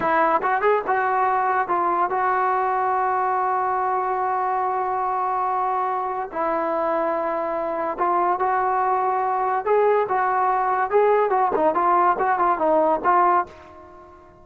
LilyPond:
\new Staff \with { instrumentName = "trombone" } { \time 4/4 \tempo 4 = 143 e'4 fis'8 gis'8 fis'2 | f'4 fis'2.~ | fis'1~ | fis'2. e'4~ |
e'2. f'4 | fis'2. gis'4 | fis'2 gis'4 fis'8 dis'8 | f'4 fis'8 f'8 dis'4 f'4 | }